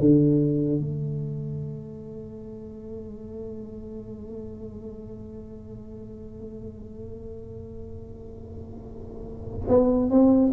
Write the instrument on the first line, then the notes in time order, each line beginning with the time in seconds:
tuba
0.00 D3
0.80 A3
9.68 B3
10.10 C4